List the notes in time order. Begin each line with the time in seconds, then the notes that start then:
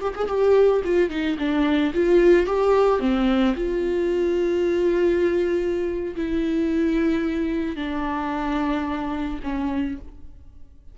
0.00 G4
0.15 G#4
0.27 G4
0.84 F4
1.09 D#4
1.38 D4
1.93 F4
2.46 G4
2.99 C4
3.56 F4
6.15 E4
7.76 D4
9.43 C#4